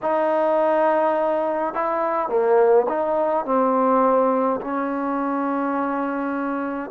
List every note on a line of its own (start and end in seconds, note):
0.02 1.74 D#4
1.74 2.28 E4
2.28 2.86 A#3
2.88 3.45 D#4
3.45 4.60 C4
4.61 6.90 C#4